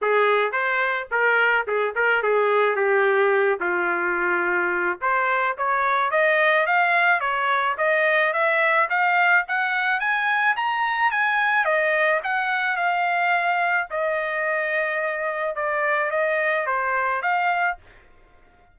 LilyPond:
\new Staff \with { instrumentName = "trumpet" } { \time 4/4 \tempo 4 = 108 gis'4 c''4 ais'4 gis'8 ais'8 | gis'4 g'4. f'4.~ | f'4 c''4 cis''4 dis''4 | f''4 cis''4 dis''4 e''4 |
f''4 fis''4 gis''4 ais''4 | gis''4 dis''4 fis''4 f''4~ | f''4 dis''2. | d''4 dis''4 c''4 f''4 | }